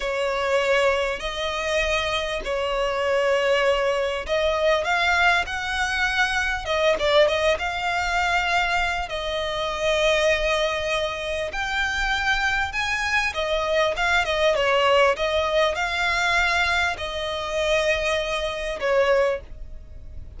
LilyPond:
\new Staff \with { instrumentName = "violin" } { \time 4/4 \tempo 4 = 99 cis''2 dis''2 | cis''2. dis''4 | f''4 fis''2 dis''8 d''8 | dis''8 f''2~ f''8 dis''4~ |
dis''2. g''4~ | g''4 gis''4 dis''4 f''8 dis''8 | cis''4 dis''4 f''2 | dis''2. cis''4 | }